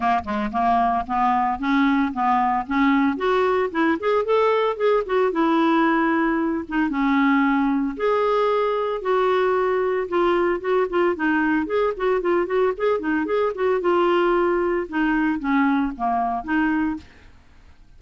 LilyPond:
\new Staff \with { instrumentName = "clarinet" } { \time 4/4 \tempo 4 = 113 ais8 gis8 ais4 b4 cis'4 | b4 cis'4 fis'4 e'8 gis'8 | a'4 gis'8 fis'8 e'2~ | e'8 dis'8 cis'2 gis'4~ |
gis'4 fis'2 f'4 | fis'8 f'8 dis'4 gis'8 fis'8 f'8 fis'8 | gis'8 dis'8 gis'8 fis'8 f'2 | dis'4 cis'4 ais4 dis'4 | }